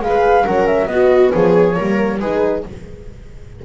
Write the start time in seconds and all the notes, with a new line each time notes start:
0.00 G#3 G#4 B4 F5
0.44 F#3 C#4 A#4 F#5
0.67 E5
0.87 B3 F#4 D#5
1.32 F3 G#4 C#5
1.76 G3 A#3 A#4
2.20 G#3 D#4 G#4 B4